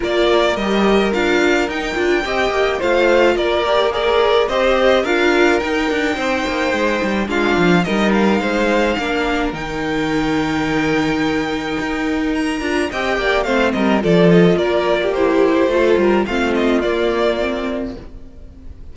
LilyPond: <<
  \new Staff \with { instrumentName = "violin" } { \time 4/4 \tempo 4 = 107 d''4 dis''4 f''4 g''4~ | g''4 f''4 d''4 ais'4 | dis''4 f''4 g''2~ | g''4 f''4 dis''8 f''4.~ |
f''4 g''2.~ | g''2 ais''4 g''4 | f''8 dis''8 d''8 dis''8 d''4 c''4~ | c''4 f''8 dis''8 d''2 | }
  \new Staff \with { instrumentName = "violin" } { \time 4/4 ais'1 | dis''4 c''4 ais'4 d''4 | c''4 ais'2 c''4~ | c''4 f'4 ais'4 c''4 |
ais'1~ | ais'2. dis''8 d''8 | c''8 ais'8 a'4 ais'8. g'4~ g'16 | a'8 ais'8 f'2. | }
  \new Staff \with { instrumentName = "viola" } { \time 4/4 f'4 g'4 f'4 dis'8 f'8 | g'4 f'4. g'8 gis'4 | g'4 f'4 dis'2~ | dis'4 d'4 dis'2 |
d'4 dis'2.~ | dis'2~ dis'8 f'8 g'4 | c'4 f'2 e'4 | f'4 c'4 ais4 c'4 | }
  \new Staff \with { instrumentName = "cello" } { \time 4/4 ais4 g4 d'4 dis'8 d'8 | c'8 ais8 a4 ais2 | c'4 d'4 dis'8 d'8 c'8 ais8 | gis8 g8 gis8 f8 g4 gis4 |
ais4 dis2.~ | dis4 dis'4. d'8 c'8 ais8 | a8 g8 f4 ais2 | a8 g8 a4 ais2 | }
>>